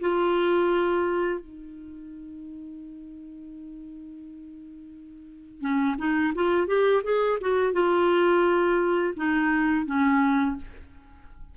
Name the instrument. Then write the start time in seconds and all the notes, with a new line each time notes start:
clarinet
0.00 F4
1.40 D#4
5.61 C#4
5.98 D#4
6.35 F4
6.67 G4
7.03 G#4
7.41 F#4
7.72 F4
9.16 D#4
9.86 C#4